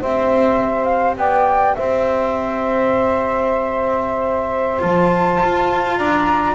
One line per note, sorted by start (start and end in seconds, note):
0.00 1.17 C4
0.00 4.79 G4
0.00 1.17 C5
0.00 0.84 E5
0.84 1.13 F5
1.17 1.75 B3
1.17 1.76 D5
1.17 1.75 G5
1.75 4.83 C4
1.75 5.97 C5
1.75 4.81 E5
4.79 5.41 F3
4.79 6.54 F4
4.79 5.96 A5
5.43 5.98 F4
5.96 6.54 D4
5.96 6.54 D5
5.96 6.54 A#5